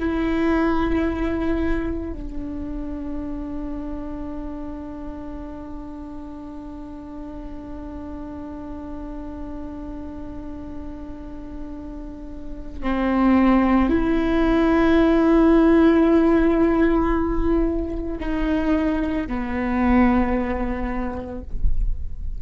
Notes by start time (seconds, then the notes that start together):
0.00 E4
2.13 D4
12.83 C4
13.89 E4
18.20 D#4
19.27 B3